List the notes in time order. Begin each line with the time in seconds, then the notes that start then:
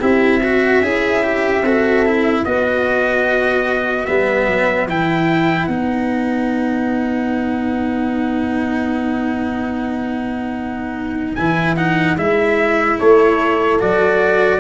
0.00 C4 E4 G4 E5
0.42 F#4
0.81 C#4 E4 G#4
1.23 G4
1.62 C4 F#4 A4
2.06 E4
2.43 B3 F#4 B4 D#5
4.05 G3 B3 E5
4.47 F#3
4.87 E3 E4 G5
5.66 B3 D#4 F#5
11.34 E3 E4 G#5
11.76 D#4 F#5
12.17 G#3 E4 E5
12.99 A3 A4 C#5
13.79 F#3 F#4 D5